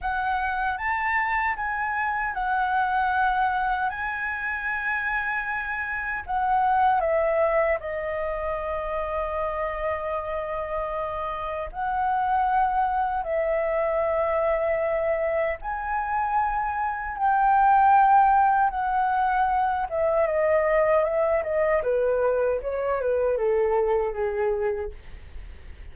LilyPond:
\new Staff \with { instrumentName = "flute" } { \time 4/4 \tempo 4 = 77 fis''4 a''4 gis''4 fis''4~ | fis''4 gis''2. | fis''4 e''4 dis''2~ | dis''2. fis''4~ |
fis''4 e''2. | gis''2 g''2 | fis''4. e''8 dis''4 e''8 dis''8 | b'4 cis''8 b'8 a'4 gis'4 | }